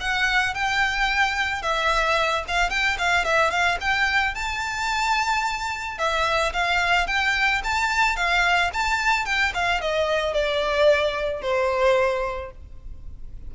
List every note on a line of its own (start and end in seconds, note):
0.00 0.54 F#5
0.54 1.62 G5
1.62 2.44 E5
2.47 2.70 F5
2.70 2.97 G5
2.98 3.24 F5
3.24 3.50 E5
3.50 3.78 F5
3.80 4.34 G5
4.34 5.98 A5
5.98 6.53 E5
6.53 7.07 F5
7.07 7.61 G5
7.64 8.16 A5
8.16 8.70 F5
8.73 9.25 A5
9.25 9.52 G5
9.54 9.81 F5
9.81 10.33 D#5
10.33 11.41 D5
11.41 12.51 C5